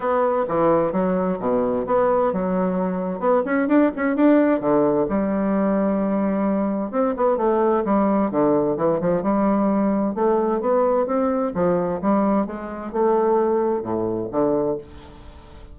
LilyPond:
\new Staff \with { instrumentName = "bassoon" } { \time 4/4 \tempo 4 = 130 b4 e4 fis4 b,4 | b4 fis2 b8 cis'8 | d'8 cis'8 d'4 d4 g4~ | g2. c'8 b8 |
a4 g4 d4 e8 f8 | g2 a4 b4 | c'4 f4 g4 gis4 | a2 a,4 d4 | }